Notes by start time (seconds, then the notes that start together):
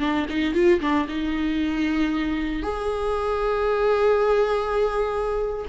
0.00 D4
0.29 D#4
0.54 F4
0.81 D4
1.08 D#4
2.63 G#4